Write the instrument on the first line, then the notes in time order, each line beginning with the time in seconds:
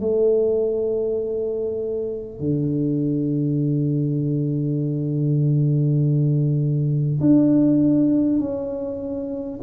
tuba
0.00 A3
2.39 D3
7.20 D4
8.39 C#4